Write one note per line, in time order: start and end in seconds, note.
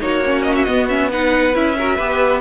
0.00 0.67 A#3
0.00 0.22 D#4
0.00 1.11 F#4
0.00 0.43 C#5
0.26 0.68 C#4
0.43 0.54 D#5
0.55 0.65 E5
0.65 0.89 B3
0.65 1.55 B3
0.65 0.87 D#5
0.89 1.11 C#4
0.89 1.11 E5
1.11 1.53 D#4
1.11 1.77 B4
1.11 1.56 F#5
1.53 1.99 C#4
1.53 1.75 E4
1.53 2.41 E5
1.78 1.99 F#4
1.78 1.96 A#4
1.96 2.41 B3
1.96 2.41 G4
1.96 2.40 B4